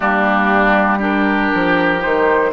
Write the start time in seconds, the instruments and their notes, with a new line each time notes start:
0.00 bassoon G3, clarinet A#3, oboe D4, flute G4
0.98 clarinet D4, oboe G4, flute A#4
1.54 bassoon F3
1.99 bassoon D#3, clarinet D#4, flute C5